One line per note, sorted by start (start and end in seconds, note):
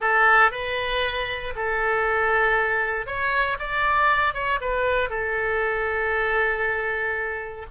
0.00 0.51 A4
0.51 1.54 B4
1.55 3.06 A4
3.06 3.57 C#5
3.59 4.34 D5
4.34 4.59 C#5
4.60 5.09 B4
5.09 7.66 A4